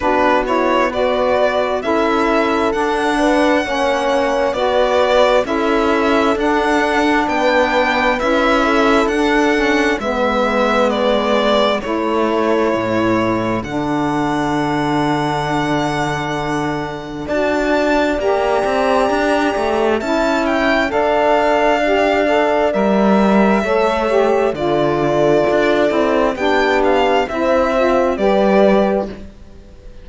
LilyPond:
<<
  \new Staff \with { instrumentName = "violin" } { \time 4/4 \tempo 4 = 66 b'8 cis''8 d''4 e''4 fis''4~ | fis''4 d''4 e''4 fis''4 | g''4 e''4 fis''4 e''4 | d''4 cis''2 fis''4~ |
fis''2. a''4 | ais''2 a''8 g''8 f''4~ | f''4 e''2 d''4~ | d''4 g''8 f''8 e''4 d''4 | }
  \new Staff \with { instrumentName = "horn" } { \time 4/4 fis'4 b'4 a'4. b'8 | cis''4 b'4 a'2 | b'4. a'4. b'4~ | b'4 a'2.~ |
a'2. d''4~ | d''2 e''4 d''4~ | d''2 cis''4 a'4~ | a'4 g'4 c''4 b'4 | }
  \new Staff \with { instrumentName = "saxophone" } { \time 4/4 d'8 e'8 fis'4 e'4 d'4 | cis'4 fis'4 e'4 d'4~ | d'4 e'4 d'8 cis'8 b4~ | b4 e'2 d'4~ |
d'2. fis'4 | g'2 e'4 a'4 | g'8 a'8 ais'4 a'8 g'8 f'4~ | f'8 e'8 d'4 e'8 f'8 g'4 | }
  \new Staff \with { instrumentName = "cello" } { \time 4/4 b2 cis'4 d'4 | ais4 b4 cis'4 d'4 | b4 cis'4 d'4 gis4~ | gis4 a4 a,4 d4~ |
d2. d'4 | ais8 c'8 d'8 a8 cis'4 d'4~ | d'4 g4 a4 d4 | d'8 c'8 b4 c'4 g4 | }
>>